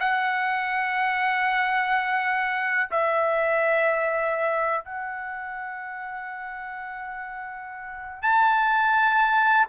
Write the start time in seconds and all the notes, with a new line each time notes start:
0.00 F#5
2.91 E5
4.85 F#5
8.23 A5